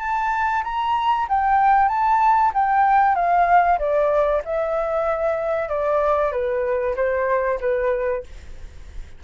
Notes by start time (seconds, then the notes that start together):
0.00 A5
0.64 A#5
1.29 G5
1.89 A5
2.54 G5
3.16 F5
3.79 D5
4.45 E5
5.69 D5
6.32 B4
6.96 C5
7.61 B4